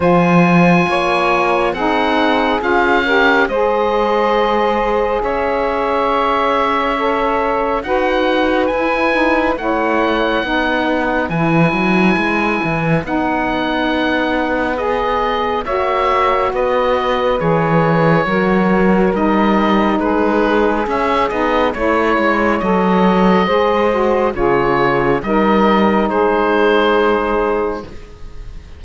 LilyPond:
<<
  \new Staff \with { instrumentName = "oboe" } { \time 4/4 \tempo 4 = 69 gis''2 fis''4 f''4 | dis''2 e''2~ | e''4 fis''4 gis''4 fis''4~ | fis''4 gis''2 fis''4~ |
fis''4 dis''4 e''4 dis''4 | cis''2 dis''4 b'4 | e''8 dis''8 cis''4 dis''2 | cis''4 dis''4 c''2 | }
  \new Staff \with { instrumentName = "saxophone" } { \time 4/4 c''4 cis''4 gis'4. ais'8 | c''2 cis''2~ | cis''4 b'2 cis''4 | b'1~ |
b'2 cis''4 b'4~ | b'4 ais'2 gis'4~ | gis'4 cis''2 c''4 | gis'4 ais'4 gis'2 | }
  \new Staff \with { instrumentName = "saxophone" } { \time 4/4 f'2 dis'4 f'8 g'8 | gis'1 | a'4 fis'4 e'8 dis'8 e'4 | dis'4 e'2 dis'4~ |
dis'4 gis'4 fis'2 | gis'4 fis'4 dis'2 | cis'8 dis'8 e'4 a'4 gis'8 fis'8 | f'4 dis'2. | }
  \new Staff \with { instrumentName = "cello" } { \time 4/4 f4 ais4 c'4 cis'4 | gis2 cis'2~ | cis'4 dis'4 e'4 a4 | b4 e8 fis8 gis8 e8 b4~ |
b2 ais4 b4 | e4 fis4 g4 gis4 | cis'8 b8 a8 gis8 fis4 gis4 | cis4 g4 gis2 | }
>>